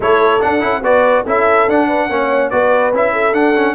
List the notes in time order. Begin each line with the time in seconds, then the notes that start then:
0.00 A3 E4 A4 C#5
0.40 D4 F#5
0.60 C#4 E4
0.81 B3 F#4 B4 D5
1.24 C#4 E4 A4 E5
1.67 D4 F#5
1.87 B4
2.09 A#3 C#4 C#5
2.49 B3 F#4 B4 D5
2.93 C#4 E4 E5
3.12 A4
3.33 D4 F#5
3.55 C#4